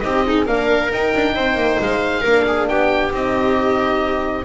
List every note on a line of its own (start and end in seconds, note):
0.00 0.47 C4
0.00 0.24 D#4
0.00 0.26 G4
0.00 0.44 D#5
0.24 0.45 D#4
0.24 0.47 G#4
0.45 0.91 A#3
0.45 0.91 D4
0.45 1.34 A#4
0.45 0.91 F5
0.91 1.14 D#4
0.91 2.25 D#4
0.91 1.82 G5
1.15 1.35 D4
1.34 1.55 C4
1.34 2.21 C5
1.55 1.77 A#3
1.80 2.24 G#3
1.80 2.68 F5
2.21 2.69 A#3
2.21 3.12 D4
2.21 2.43 A#4
2.47 2.69 G#4
2.68 3.11 B3
2.68 4.45 G4
2.68 3.12 G5
3.11 4.45 C4
3.11 4.45 D#4
3.11 4.45 D#5